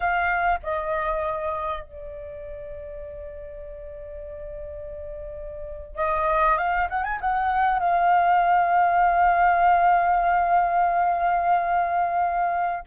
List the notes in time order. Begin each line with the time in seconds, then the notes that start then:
0.00 F5
0.62 D#5
1.83 D5
5.96 D#5
6.57 F5
6.89 F#5
7.03 G#5
7.20 F#5
7.79 F5